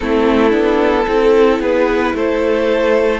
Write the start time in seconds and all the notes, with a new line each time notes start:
0.00 A3 C4 E4 A4
0.50 B3 D4
1.07 C4 E4 A4
1.59 B3 G#4 B4
2.14 A3 A4 C5